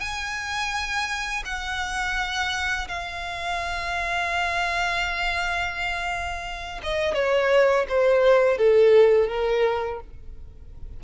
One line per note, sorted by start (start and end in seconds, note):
0.00 1.43 G#5
1.45 2.88 F#5
2.88 6.81 F5
6.83 7.14 D#5
7.14 7.86 C#5
7.88 8.58 C5
8.58 9.29 A4
9.29 10.00 A#4